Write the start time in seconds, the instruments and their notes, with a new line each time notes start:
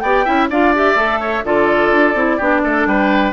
0.00 bassoon B3, clarinet G4, oboe D5, flute G5
0.25 bassoon C#4, clarinet E4, oboe E5
0.50 bassoon D4, clarinet F4, oboe D5, flute F5
0.75 clarinet G4, flute E5
0.96 bassoon A3, clarinet A4
1.20 oboe C#5
1.45 bassoon D3, clarinet F4, oboe A4, flute D5
1.92 bassoon D4
2.15 bassoon C4, clarinet E4
2.38 bassoon B3, clarinet D4, oboe G4
2.64 bassoon A3, oboe A4
2.86 bassoon G3, oboe B4, flute G5